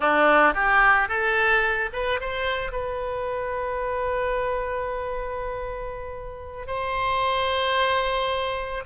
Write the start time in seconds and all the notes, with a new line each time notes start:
0.00 D4
0.54 G4
1.08 A4
1.92 B4
2.20 C5
2.71 B4
6.66 C5